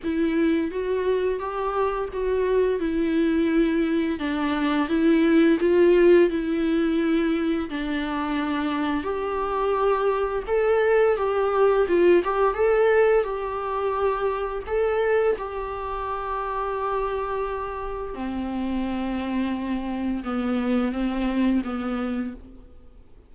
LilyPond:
\new Staff \with { instrumentName = "viola" } { \time 4/4 \tempo 4 = 86 e'4 fis'4 g'4 fis'4 | e'2 d'4 e'4 | f'4 e'2 d'4~ | d'4 g'2 a'4 |
g'4 f'8 g'8 a'4 g'4~ | g'4 a'4 g'2~ | g'2 c'2~ | c'4 b4 c'4 b4 | }